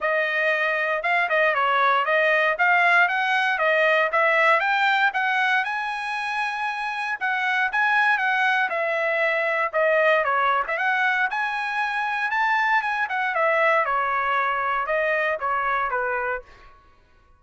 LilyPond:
\new Staff \with { instrumentName = "trumpet" } { \time 4/4 \tempo 4 = 117 dis''2 f''8 dis''8 cis''4 | dis''4 f''4 fis''4 dis''4 | e''4 g''4 fis''4 gis''4~ | gis''2 fis''4 gis''4 |
fis''4 e''2 dis''4 | cis''8. e''16 fis''4 gis''2 | a''4 gis''8 fis''8 e''4 cis''4~ | cis''4 dis''4 cis''4 b'4 | }